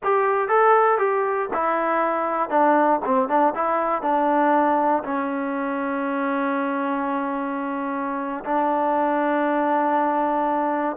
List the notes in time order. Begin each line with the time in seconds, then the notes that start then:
0.03 G4
0.48 A4
0.98 G4
1.53 E4
2.49 D4
3.05 C4
3.28 D4
3.55 E4
4.02 D4
5.03 C#4
8.44 D4